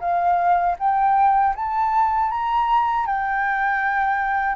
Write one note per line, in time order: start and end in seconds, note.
0.00 0.76 F5
0.79 1.55 G5
1.55 2.31 A5
2.31 3.06 A#5
3.06 4.55 G5